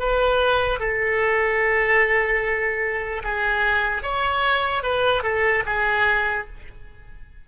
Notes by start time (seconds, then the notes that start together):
0.00 B4
0.80 A4
3.24 G#4
4.03 C#5
4.84 B4
5.24 A4
5.66 G#4